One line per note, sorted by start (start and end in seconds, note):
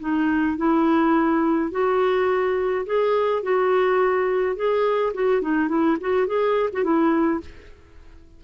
0.00 0.57 D#4
0.57 1.71 E4
1.71 2.85 F#4
2.86 3.43 G#4
3.43 4.56 F#4
4.56 5.13 G#4
5.14 5.41 F#4
5.41 5.68 D#4
5.68 5.97 E4
6.00 6.26 F#4
6.26 6.69 G#4
6.72 6.83 F#4
6.83 7.41 E4